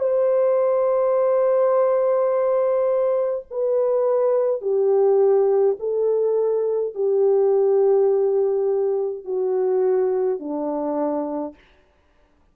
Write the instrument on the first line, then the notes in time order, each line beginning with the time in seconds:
horn
0.00 C5
3.51 B4
4.62 G4
5.80 A4
6.95 G4
9.25 F#4
10.40 D4